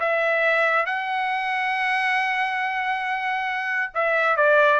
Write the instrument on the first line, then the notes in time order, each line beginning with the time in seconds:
trumpet
0.00 E5
0.86 F#5
3.95 E5
4.37 D5